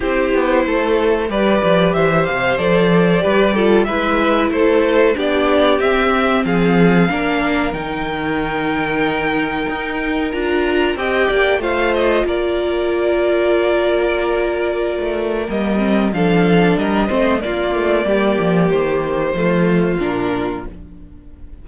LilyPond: <<
  \new Staff \with { instrumentName = "violin" } { \time 4/4 \tempo 4 = 93 c''2 d''4 e''8 f''8 | d''2 e''4 c''4 | d''4 e''4 f''2 | g''1 |
ais''4 g''4 f''8 dis''8 d''4~ | d''1 | dis''4 f''4 dis''4 d''4~ | d''4 c''2 ais'4 | }
  \new Staff \with { instrumentName = "violin" } { \time 4/4 g'4 a'4 b'4 c''4~ | c''4 b'8 a'8 b'4 a'4 | g'2 gis'4 ais'4~ | ais'1~ |
ais'4 dis''8 d''8 c''4 ais'4~ | ais'1~ | ais'4 a'4 ais'8 c''8 f'4 | g'2 f'2 | }
  \new Staff \with { instrumentName = "viola" } { \time 4/4 e'2 g'2 | a'4 g'8 f'8 e'2 | d'4 c'2 d'4 | dis'1 |
f'4 g'4 f'2~ | f'1 | ais8 c'8 d'4. c'8 ais4~ | ais2 a4 d'4 | }
  \new Staff \with { instrumentName = "cello" } { \time 4/4 c'8 b8 a4 g8 f8 e8 c8 | f4 g4 gis4 a4 | b4 c'4 f4 ais4 | dis2. dis'4 |
d'4 c'8 ais8 a4 ais4~ | ais2.~ ais16 a8. | g4 f4 g8 a8 ais8 a8 | g8 f8 dis4 f4 ais,4 | }
>>